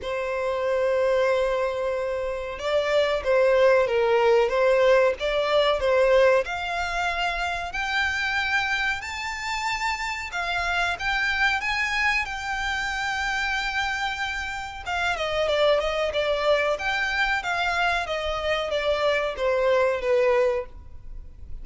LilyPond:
\new Staff \with { instrumentName = "violin" } { \time 4/4 \tempo 4 = 93 c''1 | d''4 c''4 ais'4 c''4 | d''4 c''4 f''2 | g''2 a''2 |
f''4 g''4 gis''4 g''4~ | g''2. f''8 dis''8 | d''8 dis''8 d''4 g''4 f''4 | dis''4 d''4 c''4 b'4 | }